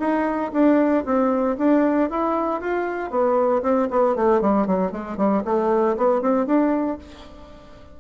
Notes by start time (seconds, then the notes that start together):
0.00 D#4
0.53 D4
1.05 C4
1.58 D4
2.10 E4
2.61 F4
3.11 B3
3.63 C4
3.91 B3
4.16 A3
4.42 G3
4.67 F#3
4.92 G#3
5.17 G3
5.45 A3
5.97 B3
6.22 C4
6.47 D4